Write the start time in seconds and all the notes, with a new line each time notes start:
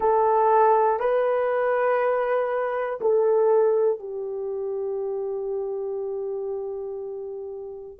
0.00 A4
1.00 B4
3.00 A4
3.99 G4